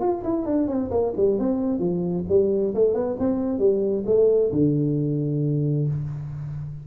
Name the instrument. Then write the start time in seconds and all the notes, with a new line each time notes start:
tuba
0.00 F4
0.23 E4
0.45 D4
0.67 C4
0.90 A#3
1.17 G3
1.38 C4
1.79 F3
2.28 G3
2.74 A3
2.94 B3
3.19 C4
3.59 G3
4.06 A3
4.52 D3